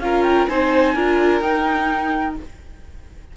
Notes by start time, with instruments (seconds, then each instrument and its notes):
0.00 cello C#4, viola F4, violin A#4, flute F5
0.23 flute G5
0.47 cello C4, viola D#4, violin C5, flute G#5
0.95 cello D4, viola F4, violin A#4
1.41 cello D#4, viola D#4, flute G5